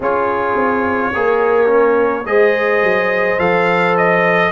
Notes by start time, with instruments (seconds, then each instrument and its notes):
0.00 tuba C#4, trombone F4, horn G#4, trumpet C#5
0.55 tuba C4
1.13 tuba A#3, trombone G#4, horn A#4
1.66 trombone C#4
2.26 tuba G#3, trombone G#4, horn C5, trumpet D#5
2.82 tuba F#3
3.38 tuba F3, trombone A4, trumpet F5
3.97 trumpet D#5